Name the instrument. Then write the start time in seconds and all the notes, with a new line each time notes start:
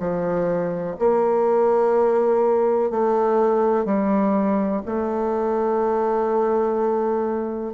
bassoon
0.00 F3
0.99 A#3
2.91 A3
3.85 G3
4.86 A3